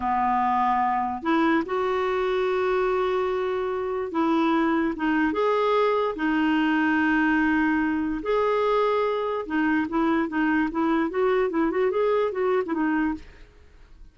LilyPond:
\new Staff \with { instrumentName = "clarinet" } { \time 4/4 \tempo 4 = 146 b2. e'4 | fis'1~ | fis'2 e'2 | dis'4 gis'2 dis'4~ |
dis'1 | gis'2. dis'4 | e'4 dis'4 e'4 fis'4 | e'8 fis'8 gis'4 fis'8. e'16 dis'4 | }